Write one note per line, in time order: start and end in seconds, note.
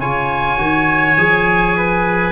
0.00 0.58 C#3
0.00 0.58 F4
0.00 1.77 C#5
0.00 2.32 G#5
0.58 1.16 D#3
0.58 1.17 F#4
1.17 2.32 F3
1.17 2.32 G#4
1.78 2.32 B4